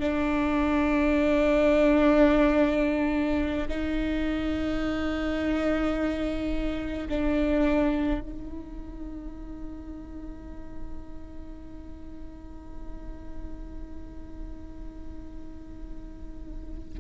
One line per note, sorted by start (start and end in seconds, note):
0.00 3.68 D4
3.68 7.08 D#4
7.09 8.21 D4
8.21 16.99 D#4